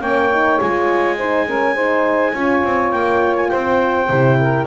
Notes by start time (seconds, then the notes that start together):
0.00 A#3 C#4 C#5 G5
0.31 D#4
0.60 G#3 F4 G#5
1.17 D#4 C5
1.47 C#4 A#4
1.75 D#4 C5
2.32 C#4 F4 C#5
2.64 C4
2.92 A#3 G5
3.37 G#5
3.49 C4 C5 G5
4.09 C3 E4
4.39 A#4